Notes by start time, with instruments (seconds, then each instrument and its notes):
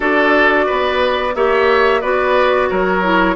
0.00 bassoon D4, clarinet F#4, oboe A4, flute D5
0.66 bassoon B3, oboe B4
1.35 bassoon A#3, clarinet G4, oboe C#5, flute E5
2.01 bassoon B3, clarinet F#4, oboe B4, flute D5
2.69 bassoon F#3, oboe A#4, flute C#5
3.02 clarinet E4